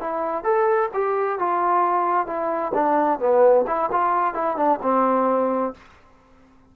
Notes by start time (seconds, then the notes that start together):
0.00 E4
0.44 A4
0.93 G4
1.39 F4
2.26 E4
2.74 D4
3.19 B3
3.67 E4
3.91 F4
4.34 E4
4.56 D4
4.82 C4